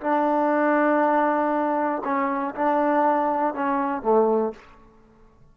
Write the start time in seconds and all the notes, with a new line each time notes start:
0.00 D4
2.04 C#4
2.55 D4
3.54 C#4
4.02 A3